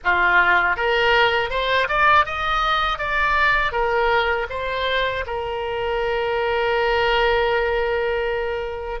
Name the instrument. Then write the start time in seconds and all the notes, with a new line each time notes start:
oboe
0.03 F4
0.76 A#4
1.50 C5
1.88 D5
2.25 D#5
2.98 D5
3.71 A#4
4.49 C5
5.26 A#4